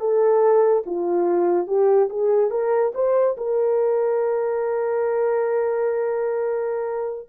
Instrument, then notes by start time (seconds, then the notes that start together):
horn
0.00 A4
0.86 F4
1.67 G4
2.09 G#4
2.50 A#4
2.94 C5
3.37 A#4